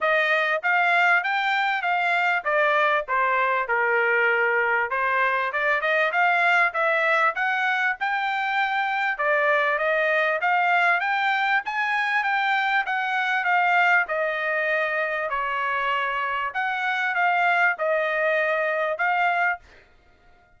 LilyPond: \new Staff \with { instrumentName = "trumpet" } { \time 4/4 \tempo 4 = 98 dis''4 f''4 g''4 f''4 | d''4 c''4 ais'2 | c''4 d''8 dis''8 f''4 e''4 | fis''4 g''2 d''4 |
dis''4 f''4 g''4 gis''4 | g''4 fis''4 f''4 dis''4~ | dis''4 cis''2 fis''4 | f''4 dis''2 f''4 | }